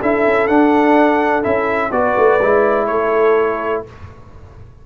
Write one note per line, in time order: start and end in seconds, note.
0.00 0.26 D4
0.00 0.49 E4
0.00 1.92 A4
0.00 0.47 E5
0.26 0.48 C#4
0.47 1.44 D4
0.47 1.43 D4
0.47 1.43 F#5
1.43 1.91 C#4
1.43 1.91 E4
1.43 1.91 E5
1.91 2.15 B3
1.91 2.40 F#4
1.91 2.87 B4
1.91 2.86 D5
2.17 2.41 A3
2.42 2.88 G#3
2.42 3.86 E4
2.86 3.84 A3
2.86 3.83 A4
2.86 3.82 C#5